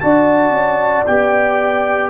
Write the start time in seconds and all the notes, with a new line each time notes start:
0.00 D4 F#4 D5 A5
0.50 C#4
1.06 B3 G4 G5